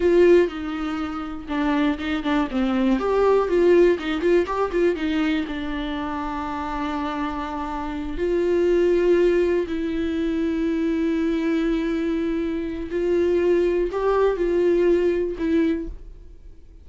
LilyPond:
\new Staff \with { instrumentName = "viola" } { \time 4/4 \tempo 4 = 121 f'4 dis'2 d'4 | dis'8 d'8 c'4 g'4 f'4 | dis'8 f'8 g'8 f'8 dis'4 d'4~ | d'1~ |
d'8 f'2. e'8~ | e'1~ | e'2 f'2 | g'4 f'2 e'4 | }